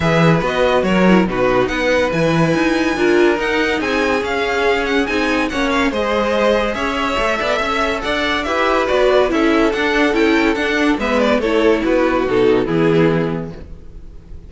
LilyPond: <<
  \new Staff \with { instrumentName = "violin" } { \time 4/4 \tempo 4 = 142 e''4 dis''4 cis''4 b'4 | fis''4 gis''2. | fis''4 gis''4 f''4. fis''8 | gis''4 fis''8 f''8 dis''2 |
e''2. fis''4 | e''4 d''4 e''4 fis''4 | g''4 fis''4 e''8 d''8 cis''4 | b'4 a'4 gis'2 | }
  \new Staff \with { instrumentName = "violin" } { \time 4/4 b'2 ais'4 fis'4 | b'2. ais'4~ | ais'4 gis'2.~ | gis'4 cis''4 c''2 |
cis''4. d''8 e''4 d''4 | b'2 a'2~ | a'2 b'4 a'4 | fis'2 e'2 | }
  \new Staff \with { instrumentName = "viola" } { \time 4/4 gis'4 fis'4. e'8 dis'4~ | dis'4 e'2 f'4 | dis'2 cis'2 | dis'4 cis'4 gis'2~ |
gis'4 a'2. | g'4 fis'4 e'4 d'4 | e'4 d'4 b4 e'4~ | e'4 dis'4 b2 | }
  \new Staff \with { instrumentName = "cello" } { \time 4/4 e4 b4 fis4 b,4 | b4 e4 dis'4 d'4 | dis'4 c'4 cis'2 | c'4 ais4 gis2 |
cis'4 a8 b8 cis'4 d'4 | e'4 b4 cis'4 d'4 | cis'4 d'4 gis4 a4 | b4 b,4 e2 | }
>>